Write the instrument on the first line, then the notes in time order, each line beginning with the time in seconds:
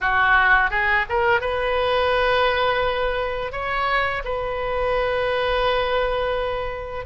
oboe
0.00 F#4
0.70 G#4
1.09 A#4
1.40 B4
3.52 C#5
4.24 B4